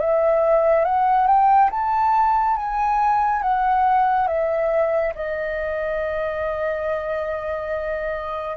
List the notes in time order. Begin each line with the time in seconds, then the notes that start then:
0.00 E5
0.85 F#5
1.27 G5
1.71 A5
2.57 G#5
3.42 F#5
4.28 E5
5.15 D#5